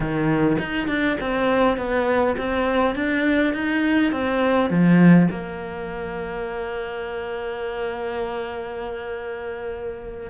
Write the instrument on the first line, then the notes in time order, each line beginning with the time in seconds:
cello
0.00 D#3
0.59 D#4
0.87 D4
1.20 C4
1.77 B3
2.37 C4
2.95 D4
3.53 D#4
4.12 C4
4.70 F3
5.30 A#3